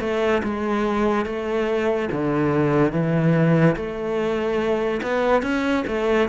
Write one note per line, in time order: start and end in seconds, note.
0.00 0.42 A3
0.43 1.25 G#3
1.25 2.09 A3
2.11 2.92 D3
2.92 3.75 E3
3.76 5.01 A3
5.02 5.42 B3
5.42 5.84 C#4
5.87 6.28 A3